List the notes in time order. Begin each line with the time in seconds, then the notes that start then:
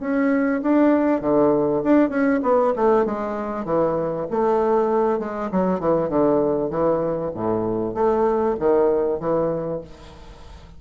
0.00 C#4
0.62 D4
1.21 D3
1.83 D4
2.10 C#4
2.42 B3
2.76 A3
3.05 G#3
3.65 E3
4.31 A3
5.19 G#3
5.51 F#3
5.80 E3
6.09 D3
6.70 E3
7.34 A2
7.94 A3
8.59 D#3
9.19 E3